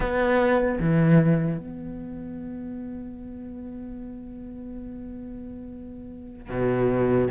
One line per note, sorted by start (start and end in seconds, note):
0.00 0.79 B3
0.79 1.58 E3
1.58 6.49 B3
6.49 7.28 B2